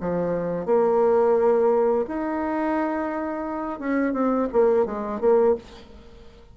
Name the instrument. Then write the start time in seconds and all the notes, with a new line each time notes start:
bassoon
0.00 F3
0.65 A#3
2.07 D#4
3.79 C#4
4.13 C4
4.52 A#3
4.86 G#3
5.20 A#3